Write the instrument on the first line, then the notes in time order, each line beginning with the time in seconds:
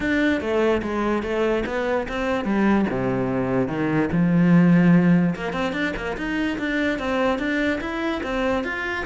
cello
0.00 D4
0.40 A3
0.82 G#3
1.23 A3
1.66 B3
2.08 C4
2.44 G3
2.90 C3
3.68 D#3
4.12 F3
5.35 A#3
5.52 C4
5.72 D4
5.96 A#3
6.17 D#4
6.58 D4
6.98 C4
7.38 D4
7.80 E4
8.23 C4
8.64 F4